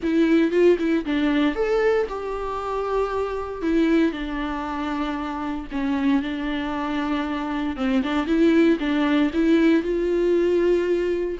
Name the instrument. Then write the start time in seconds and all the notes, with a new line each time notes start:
viola
0.02 E4
0.51 F4
0.79 E4
1.05 D4
1.55 A4
2.08 G4
3.62 E4
4.11 D4
5.71 C#4
6.22 D4
7.76 C4
8.02 D4
8.26 E4
8.79 D4
9.33 E4
9.83 F4